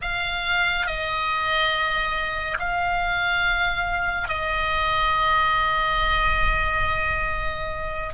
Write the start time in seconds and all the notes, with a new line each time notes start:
0.01 F5
0.86 D#5
2.59 F5
4.28 D#5